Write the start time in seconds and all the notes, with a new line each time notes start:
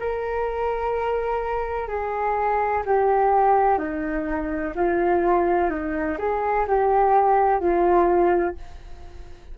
0.00 A#4
1.88 G#4
2.86 G4
3.78 D#4
4.75 F4
5.70 D#4
6.19 G#4
6.68 G4
7.60 F4